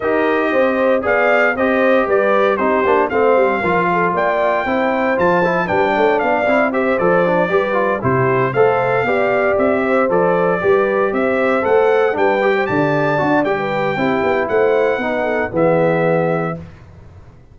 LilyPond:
<<
  \new Staff \with { instrumentName = "trumpet" } { \time 4/4 \tempo 4 = 116 dis''2 f''4 dis''4 | d''4 c''4 f''2 | g''2 a''4 g''4 | f''4 e''8 d''2 c''8~ |
c''8 f''2 e''4 d''8~ | d''4. e''4 fis''4 g''8~ | g''8 a''4. g''2 | fis''2 e''2 | }
  \new Staff \with { instrumentName = "horn" } { \time 4/4 ais'4 c''4 d''4 c''4 | b'4 g'4 c''4 ais'8 a'8 | d''4 c''2 b'8 cis''8 | d''4 c''4. b'4 g'8~ |
g'8 c''4 d''4. c''4~ | c''8 b'4 c''2 b'8~ | b'16 c''16 d''4.~ d''16 b'8. g'4 | c''4 b'8 a'8 gis'2 | }
  \new Staff \with { instrumentName = "trombone" } { \time 4/4 g'2 gis'4 g'4~ | g'4 dis'8 d'8 c'4 f'4~ | f'4 e'4 f'8 e'8 d'4~ | d'8 e'8 g'8 a'8 d'8 g'8 f'8 e'8~ |
e'8 a'4 g'2 a'8~ | a'8 g'2 a'4 d'8 | g'4. fis'8 g'4 e'4~ | e'4 dis'4 b2 | }
  \new Staff \with { instrumentName = "tuba" } { \time 4/4 dis'4 c'4 b4 c'4 | g4 c'8 ais8 a8 g8 f4 | ais4 c'4 f4 g8 a8 | b8 c'4 f4 g4 c8~ |
c8 a4 b4 c'4 f8~ | f8 g4 c'4 a4 g8~ | g8 d4 d'8 g4 c'8 b8 | a4 b4 e2 | }
>>